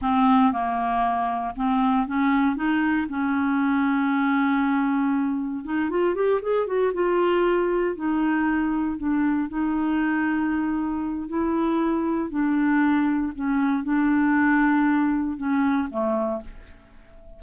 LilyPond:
\new Staff \with { instrumentName = "clarinet" } { \time 4/4 \tempo 4 = 117 c'4 ais2 c'4 | cis'4 dis'4 cis'2~ | cis'2. dis'8 f'8 | g'8 gis'8 fis'8 f'2 dis'8~ |
dis'4. d'4 dis'4.~ | dis'2 e'2 | d'2 cis'4 d'4~ | d'2 cis'4 a4 | }